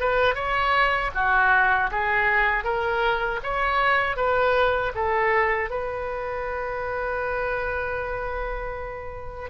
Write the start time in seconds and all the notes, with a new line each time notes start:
0.00 B4
0.35 C#5
1.14 F#4
1.91 G#4
2.64 A#4
3.43 C#5
4.16 B4
4.95 A4
5.70 B4